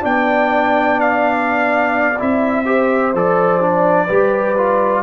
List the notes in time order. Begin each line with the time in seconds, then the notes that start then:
0.00 B3 D4 D5 G5
1.00 F5
2.18 C4 E4 E5
2.65 G4 C5
3.13 F3 A4 D5
3.60 D4
4.06 G3 G4 B4
4.57 F4